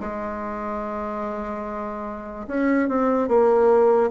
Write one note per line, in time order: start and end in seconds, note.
0.00 2.47 G#3
2.47 2.88 C#4
2.88 3.28 C4
3.28 4.10 A#3